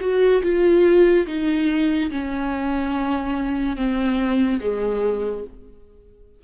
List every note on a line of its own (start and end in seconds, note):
0.00 0.42 F#4
0.42 1.26 F4
1.27 2.10 D#4
2.10 3.76 C#4
3.76 4.59 C4
4.60 5.43 G#3